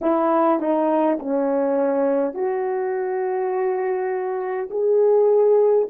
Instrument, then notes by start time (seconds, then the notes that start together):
horn
0.01 E4
0.59 D#4
1.19 C#4
2.34 F#4
4.70 G#4